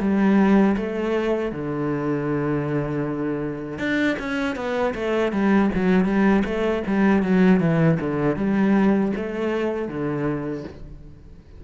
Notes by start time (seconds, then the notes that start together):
0.00 G3
0.77 A3
1.52 D3
3.79 D4
4.19 C#4
4.56 B3
4.95 A3
5.32 G3
5.75 F#3
6.05 G3
6.45 A3
6.87 G3
7.23 F#3
7.61 E3
8.00 D3
8.36 G3
9.16 A3
9.88 D3